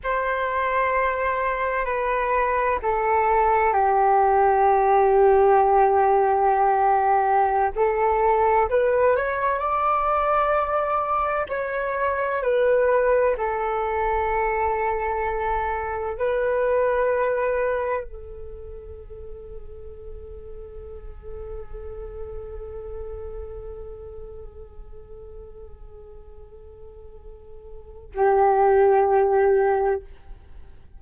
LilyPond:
\new Staff \with { instrumentName = "flute" } { \time 4/4 \tempo 4 = 64 c''2 b'4 a'4 | g'1~ | g'16 a'4 b'8 cis''8 d''4.~ d''16~ | d''16 cis''4 b'4 a'4.~ a'16~ |
a'4~ a'16 b'2 a'8.~ | a'1~ | a'1~ | a'2 g'2 | }